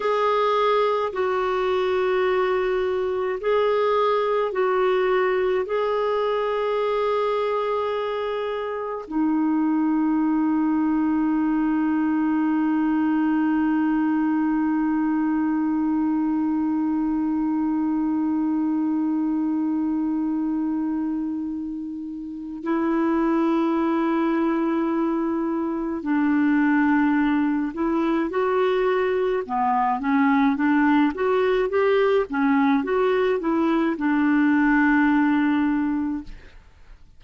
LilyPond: \new Staff \with { instrumentName = "clarinet" } { \time 4/4 \tempo 4 = 53 gis'4 fis'2 gis'4 | fis'4 gis'2. | dis'1~ | dis'1~ |
dis'1 | e'2. d'4~ | d'8 e'8 fis'4 b8 cis'8 d'8 fis'8 | g'8 cis'8 fis'8 e'8 d'2 | }